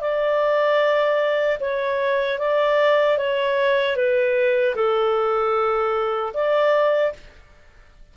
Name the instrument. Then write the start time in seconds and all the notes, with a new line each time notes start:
clarinet
0.00 D5
1.60 C#5
2.39 D5
3.18 C#5
3.96 B4
4.75 A4
6.34 D5